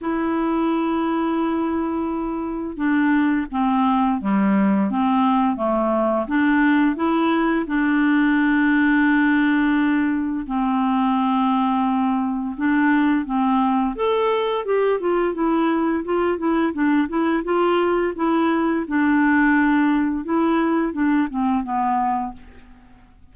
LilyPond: \new Staff \with { instrumentName = "clarinet" } { \time 4/4 \tempo 4 = 86 e'1 | d'4 c'4 g4 c'4 | a4 d'4 e'4 d'4~ | d'2. c'4~ |
c'2 d'4 c'4 | a'4 g'8 f'8 e'4 f'8 e'8 | d'8 e'8 f'4 e'4 d'4~ | d'4 e'4 d'8 c'8 b4 | }